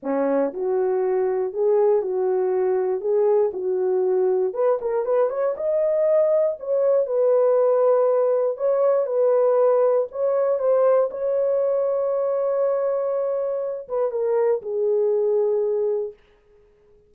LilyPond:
\new Staff \with { instrumentName = "horn" } { \time 4/4 \tempo 4 = 119 cis'4 fis'2 gis'4 | fis'2 gis'4 fis'4~ | fis'4 b'8 ais'8 b'8 cis''8 dis''4~ | dis''4 cis''4 b'2~ |
b'4 cis''4 b'2 | cis''4 c''4 cis''2~ | cis''2.~ cis''8 b'8 | ais'4 gis'2. | }